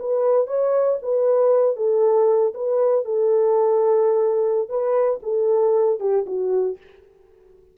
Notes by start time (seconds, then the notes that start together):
0.00 B4
0.47 C#5
1.03 B4
1.77 A4
2.55 B4
3.06 A4
4.69 B4
5.23 A4
6.00 G4
6.27 F#4